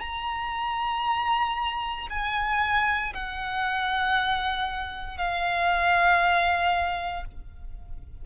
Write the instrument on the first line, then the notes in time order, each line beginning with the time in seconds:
violin
0.00 A#5
2.10 G#5
3.14 F#5
5.17 F5